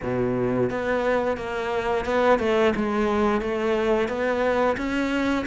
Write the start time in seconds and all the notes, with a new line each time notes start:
0.02 B2
0.70 B3
1.37 A#3
2.05 B3
2.39 A3
2.75 G#3
3.41 A3
4.08 B3
4.77 C#4